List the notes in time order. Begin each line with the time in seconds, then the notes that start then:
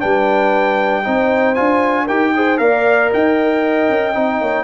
0.00 G3 D4 B4 G5
1.04 C4 D#4 C5
1.55 D4 F4 G#5
2.05 D#4 G4 A#4 G5
2.35 G#4 C5
2.58 A#3 A#4 D5 F5
3.10 D#4 D#5 G5
3.89 C#4
4.14 C4 D#4
4.41 A#3 C#5